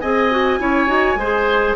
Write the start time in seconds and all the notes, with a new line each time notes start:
0.00 C4 G#4 D#5 G#5
0.31 F#4
0.59 C#4 E4 C#5
0.87 D#4 F#4
1.16 G#3 C5
1.22 G#4